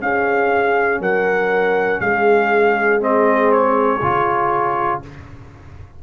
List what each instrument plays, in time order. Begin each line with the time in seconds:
0.00 trombone C#4, tuba C#4, horn G#4, trumpet F5
1.00 tuba F#3, horn A#4, trumpet F#5
2.00 tuba G#3, horn G#4, trumpet F5
3.00 trombone C4, trumpet D#5
3.51 trumpet C#5
4.01 tuba C#3, trombone F4